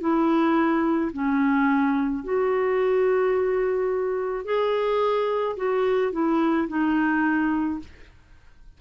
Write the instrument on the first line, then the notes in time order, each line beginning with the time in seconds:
clarinet
0.00 E4
1.12 C#4
2.24 F#4
4.45 G#4
5.57 F#4
6.12 E4
6.68 D#4